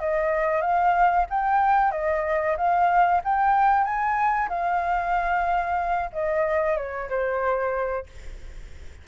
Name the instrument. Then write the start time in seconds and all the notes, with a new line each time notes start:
flute
0.00 D#5
0.62 F5
1.30 G5
1.92 D#5
2.57 F5
3.25 G5
3.85 G#5
4.50 F5
6.13 D#5
6.77 C#5
7.10 C5